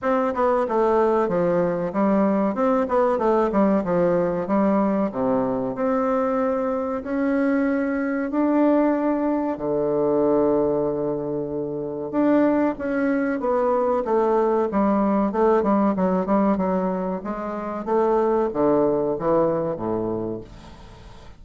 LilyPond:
\new Staff \with { instrumentName = "bassoon" } { \time 4/4 \tempo 4 = 94 c'8 b8 a4 f4 g4 | c'8 b8 a8 g8 f4 g4 | c4 c'2 cis'4~ | cis'4 d'2 d4~ |
d2. d'4 | cis'4 b4 a4 g4 | a8 g8 fis8 g8 fis4 gis4 | a4 d4 e4 a,4 | }